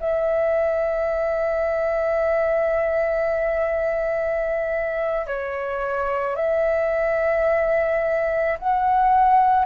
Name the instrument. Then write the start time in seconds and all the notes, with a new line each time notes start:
flute
0.00 E5
5.27 C#5
6.36 E5
8.59 F#5